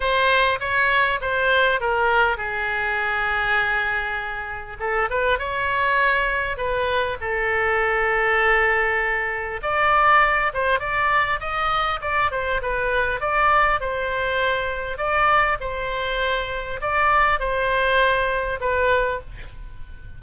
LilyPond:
\new Staff \with { instrumentName = "oboe" } { \time 4/4 \tempo 4 = 100 c''4 cis''4 c''4 ais'4 | gis'1 | a'8 b'8 cis''2 b'4 | a'1 |
d''4. c''8 d''4 dis''4 | d''8 c''8 b'4 d''4 c''4~ | c''4 d''4 c''2 | d''4 c''2 b'4 | }